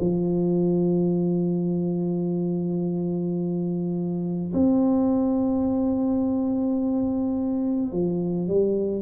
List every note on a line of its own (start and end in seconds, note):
0.00 4.53 F3
4.54 7.92 C4
7.92 8.48 F3
8.48 9.02 G3